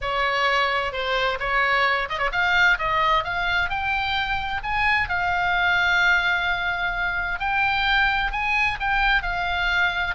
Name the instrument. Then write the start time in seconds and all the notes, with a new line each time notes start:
oboe
0.01 C#5
0.92 C5
1.39 C#5
2.09 D#5
2.18 C#5
2.32 F5
2.78 D#5
3.23 F5
3.69 G5
4.63 G#5
5.08 F5
7.39 G5
8.31 G#5
8.80 G5
9.22 F5